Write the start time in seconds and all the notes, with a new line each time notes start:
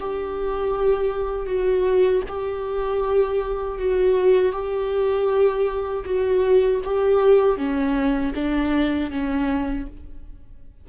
0.00 G4
1.47 F#4
2.29 G4
3.78 F#4
4.53 G4
6.05 F#4
6.84 G4
7.57 C#4
8.35 D4
9.11 C#4